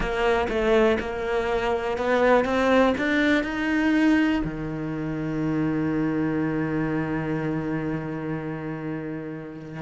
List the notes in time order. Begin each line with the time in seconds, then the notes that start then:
0.00 A#3
0.48 A3
0.99 A#3
1.97 B3
2.44 C4
2.97 D4
3.43 D#4
4.44 D#3